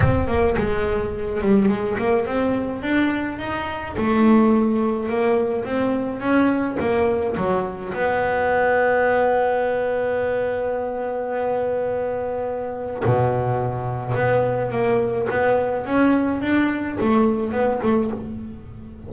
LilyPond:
\new Staff \with { instrumentName = "double bass" } { \time 4/4 \tempo 4 = 106 c'8 ais8 gis4. g8 gis8 ais8 | c'4 d'4 dis'4 a4~ | a4 ais4 c'4 cis'4 | ais4 fis4 b2~ |
b1~ | b2. b,4~ | b,4 b4 ais4 b4 | cis'4 d'4 a4 b8 a8 | }